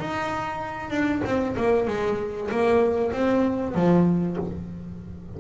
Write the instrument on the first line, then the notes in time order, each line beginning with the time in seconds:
double bass
0.00 D#4
0.90 D4
1.25 C4
1.57 A#3
1.88 G#3
2.51 A#3
3.12 C4
3.75 F3